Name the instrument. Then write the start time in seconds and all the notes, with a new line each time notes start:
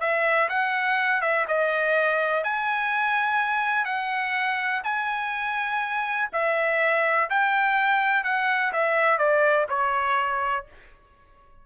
trumpet
0.00 E5
0.49 F#5
1.21 E5
1.48 D#5
2.44 G#5
3.85 F#5
4.84 G#5
6.33 E5
7.30 G5
8.24 F#5
8.73 E5
9.18 D5
9.69 C#5